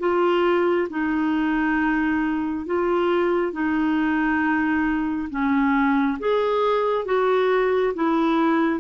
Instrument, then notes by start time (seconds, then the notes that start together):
clarinet
0.00 F4
0.90 D#4
2.66 F4
3.53 D#4
5.30 C#4
6.20 G#4
7.06 F#4
7.95 E4